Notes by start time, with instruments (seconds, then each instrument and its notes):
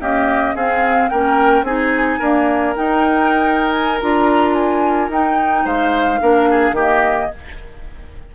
0.00 clarinet A#3, bassoon C#4, oboe G4, flute D#5
0.55 bassoon C4, clarinet C4, oboe G#4, flute F5
1.09 bassoon A#3, clarinet C#4, oboe A#4, flute G5
1.62 bassoon C4, clarinet D#4, oboe G#4, flute G#5
2.19 clarinet A#3, bassoon D4, oboe A#4
2.75 clarinet D#4, bassoon D#4, flute G5
3.71 flute G#5
4.00 bassoon D4, clarinet F4, flute A#5
4.54 flute G#5
5.09 bassoon D#4, clarinet D#4, flute G5
5.64 bassoon G#3, oboe C5, flute F5
6.20 bassoon A#3, clarinet D4, oboe A#4
6.50 oboe G#4
6.71 bassoon D#3, clarinet A#3, oboe G4
6.80 flute D#5